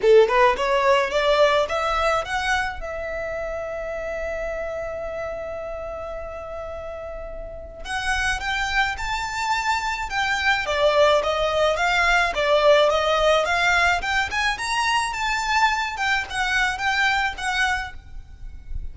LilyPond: \new Staff \with { instrumentName = "violin" } { \time 4/4 \tempo 4 = 107 a'8 b'8 cis''4 d''4 e''4 | fis''4 e''2.~ | e''1~ | e''2 fis''4 g''4 |
a''2 g''4 d''4 | dis''4 f''4 d''4 dis''4 | f''4 g''8 gis''8 ais''4 a''4~ | a''8 g''8 fis''4 g''4 fis''4 | }